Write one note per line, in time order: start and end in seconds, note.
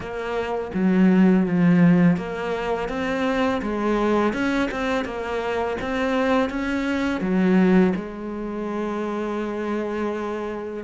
0.00 0.71 A#3
0.74 1.46 F#3
1.46 2.17 F3
2.17 2.88 A#3
2.88 3.61 C4
3.61 4.33 G#3
4.33 4.69 C#4
4.71 5.04 C4
5.04 5.76 A#3
5.81 6.49 C4
6.49 7.21 C#4
7.21 7.93 F#3
7.95 10.83 G#3